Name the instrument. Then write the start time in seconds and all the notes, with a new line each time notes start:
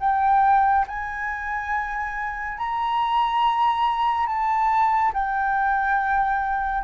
flute
0.00 G5
0.88 G#5
2.58 A#5
4.27 A5
5.14 G5